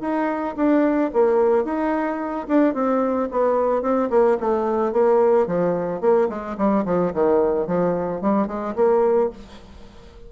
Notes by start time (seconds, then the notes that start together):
0.00 D#4
0.56 D4
1.13 A#3
1.64 D#4
2.48 D4
2.74 C4
3.31 B3
3.82 C4
4.10 A#3
4.40 A3
4.92 A#3
5.46 F3
6.00 A#3
6.29 G#3
6.57 G3
6.85 F3
7.13 D#3
7.66 F3
8.21 G3
8.47 G#3
8.75 A#3